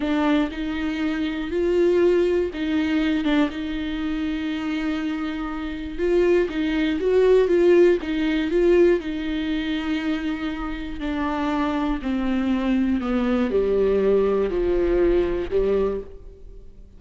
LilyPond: \new Staff \with { instrumentName = "viola" } { \time 4/4 \tempo 4 = 120 d'4 dis'2 f'4~ | f'4 dis'4. d'8 dis'4~ | dis'1 | f'4 dis'4 fis'4 f'4 |
dis'4 f'4 dis'2~ | dis'2 d'2 | c'2 b4 g4~ | g4 f2 g4 | }